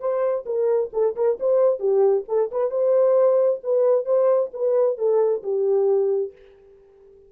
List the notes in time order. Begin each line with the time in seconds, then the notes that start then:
0.00 C5
0.46 A#4
0.93 A4
1.16 A#4
1.40 C5
1.80 G4
2.28 A4
2.52 B4
2.71 C5
3.64 B4
4.05 C5
4.53 B4
4.98 A4
5.43 G4